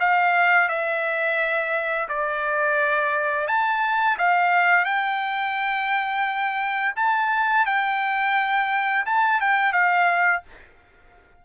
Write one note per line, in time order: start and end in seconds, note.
0.00 0.69 F5
0.69 2.08 E5
2.09 3.48 D5
3.48 4.17 A5
4.18 4.85 F5
4.85 6.95 G5
6.96 7.66 A5
7.66 9.05 G5
9.06 9.41 A5
9.41 9.73 G5
9.73 10.42 F5